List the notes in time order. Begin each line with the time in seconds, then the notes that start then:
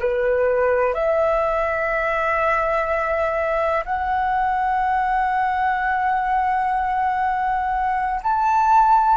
0.00 B4
0.94 E5
3.85 F#5
8.23 A5